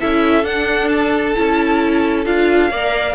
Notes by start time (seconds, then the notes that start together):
0.00 C#4 E4 A4 E5
0.44 D4 F#5
0.88 A5
1.36 C#4 E4
2.26 D4 F4 F5
2.71 A#3 A#4 D5